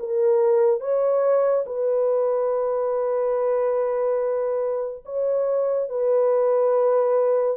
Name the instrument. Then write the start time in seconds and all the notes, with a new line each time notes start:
horn
0.00 A#4
0.80 C#5
1.66 B4
5.06 C#5
5.89 B4